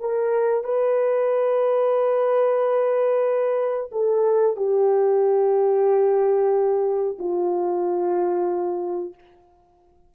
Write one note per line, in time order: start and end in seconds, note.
0.00 0.63 A#4
0.63 3.90 B4
3.91 4.56 A4
4.56 7.17 G4
7.19 9.14 F4